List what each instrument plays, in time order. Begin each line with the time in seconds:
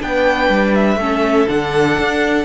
0.00 cello B3, viola D4, violin B4 G5
0.49 cello G3
0.75 violin E5
0.97 cello A3, viola C#4, violin A4
1.47 cello D3, viola D4, violin F#5
1.99 cello D4